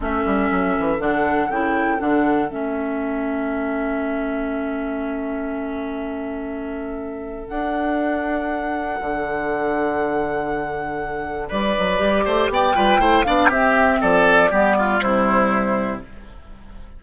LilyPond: <<
  \new Staff \with { instrumentName = "flute" } { \time 4/4 \tempo 4 = 120 e''2 fis''4 g''4 | fis''4 e''2.~ | e''1~ | e''2. fis''4~ |
fis''1~ | fis''2. d''4~ | d''4 g''4. f''8 e''4 | d''2 c''2 | }
  \new Staff \with { instrumentName = "oboe" } { \time 4/4 a'1~ | a'1~ | a'1~ | a'1~ |
a'1~ | a'2. b'4~ | b'8 c''8 d''8 b'8 c''8 d''8 g'4 | a'4 g'8 f'8 e'2 | }
  \new Staff \with { instrumentName = "clarinet" } { \time 4/4 cis'2 d'4 e'4 | d'4 cis'2.~ | cis'1~ | cis'2. d'4~ |
d'1~ | d'1 | g'4. f'8 e'8 d'8 c'4~ | c'4 b4 g2 | }
  \new Staff \with { instrumentName = "bassoon" } { \time 4/4 a8 g8 fis8 e8 d4 cis4 | d4 a2.~ | a1~ | a2. d'4~ |
d'2 d2~ | d2. g8 fis8 | g8 a8 b8 g8 a8 b8 c'4 | f4 g4 c2 | }
>>